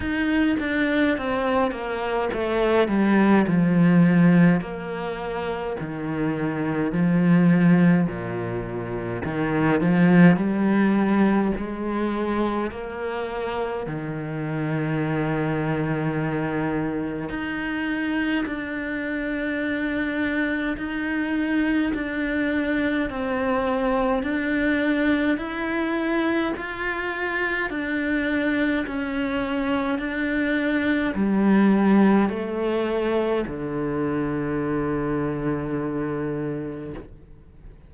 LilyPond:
\new Staff \with { instrumentName = "cello" } { \time 4/4 \tempo 4 = 52 dis'8 d'8 c'8 ais8 a8 g8 f4 | ais4 dis4 f4 ais,4 | dis8 f8 g4 gis4 ais4 | dis2. dis'4 |
d'2 dis'4 d'4 | c'4 d'4 e'4 f'4 | d'4 cis'4 d'4 g4 | a4 d2. | }